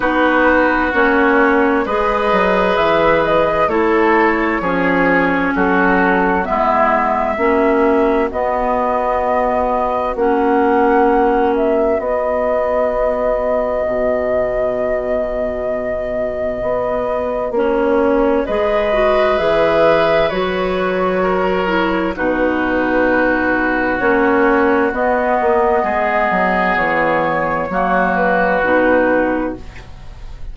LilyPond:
<<
  \new Staff \with { instrumentName = "flute" } { \time 4/4 \tempo 4 = 65 b'4 cis''4 dis''4 e''8 dis''8 | cis''2 a'4 e''4~ | e''4 dis''2 fis''4~ | fis''8 e''8 dis''2.~ |
dis''2. cis''4 | dis''4 e''4 cis''2 | b'2 cis''4 dis''4~ | dis''4 cis''4. b'4. | }
  \new Staff \with { instrumentName = "oboe" } { \time 4/4 fis'2 b'2 | a'4 gis'4 fis'4 e'4 | fis'1~ | fis'1~ |
fis'1 | b'2. ais'4 | fis'1 | gis'2 fis'2 | }
  \new Staff \with { instrumentName = "clarinet" } { \time 4/4 dis'4 cis'4 gis'2 | e'4 cis'2 b4 | cis'4 b2 cis'4~ | cis'4 b2.~ |
b2. cis'4 | gis'8 fis'8 gis'4 fis'4. e'8 | dis'2 cis'4 b4~ | b2 ais4 dis'4 | }
  \new Staff \with { instrumentName = "bassoon" } { \time 4/4 b4 ais4 gis8 fis8 e4 | a4 f4 fis4 gis4 | ais4 b2 ais4~ | ais4 b2 b,4~ |
b,2 b4 ais4 | gis4 e4 fis2 | b,2 ais4 b8 ais8 | gis8 fis8 e4 fis4 b,4 | }
>>